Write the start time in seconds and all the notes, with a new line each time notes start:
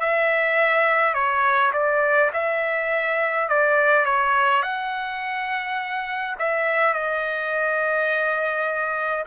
0.00 E5
1.14 C#5
1.73 D5
2.33 E5
3.49 D5
4.05 C#5
4.63 F#5
6.39 E5
6.94 D#5